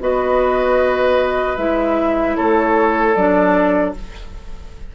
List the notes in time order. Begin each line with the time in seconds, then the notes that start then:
0.00 B3 F#4 B4 D#5
1.57 G#3 E4 E5
2.36 A3 A4 C#5
3.15 F#3 D4 D5